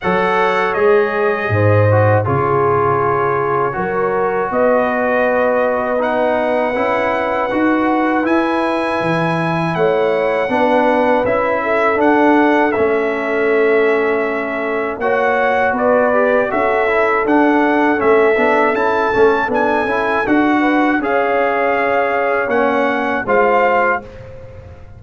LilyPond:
<<
  \new Staff \with { instrumentName = "trumpet" } { \time 4/4 \tempo 4 = 80 fis''4 dis''2 cis''4~ | cis''2 dis''2 | fis''2. gis''4~ | gis''4 fis''2 e''4 |
fis''4 e''2. | fis''4 d''4 e''4 fis''4 | e''4 a''4 gis''4 fis''4 | f''2 fis''4 f''4 | }
  \new Staff \with { instrumentName = "horn" } { \time 4/4 cis''2 c''4 gis'4~ | gis'4 ais'4 b'2~ | b'1~ | b'4 cis''4 b'4. a'8~ |
a'1 | cis''4 b'4 a'2~ | a'2.~ a'8 b'8 | cis''2. c''4 | }
  \new Staff \with { instrumentName = "trombone" } { \time 4/4 a'4 gis'4. fis'8 f'4~ | f'4 fis'2. | dis'4 e'4 fis'4 e'4~ | e'2 d'4 e'4 |
d'4 cis'2. | fis'4. g'8 fis'8 e'8 d'4 | cis'8 d'8 e'8 cis'8 d'8 e'8 fis'4 | gis'2 cis'4 f'4 | }
  \new Staff \with { instrumentName = "tuba" } { \time 4/4 fis4 gis4 gis,4 cis4~ | cis4 fis4 b2~ | b4 cis'4 dis'4 e'4 | e4 a4 b4 cis'4 |
d'4 a2. | ais4 b4 cis'4 d'4 | a8 b8 cis'8 a8 b8 cis'8 d'4 | cis'2 ais4 gis4 | }
>>